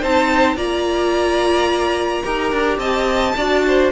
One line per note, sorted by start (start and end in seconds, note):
0.00 0.56 C4
0.00 0.56 D#4
0.00 0.56 C5
0.00 0.57 A5
0.56 2.22 A#3
0.56 2.23 F4
0.56 2.23 D5
0.56 2.78 A#5
2.23 2.52 D#4
2.23 3.34 G4
2.23 2.78 A#4
2.52 2.77 D4
2.77 3.33 C4
2.77 3.35 D#5
2.77 3.89 A5
3.36 3.91 D4
3.36 3.91 F#4
3.36 3.64 D5
3.67 3.91 C5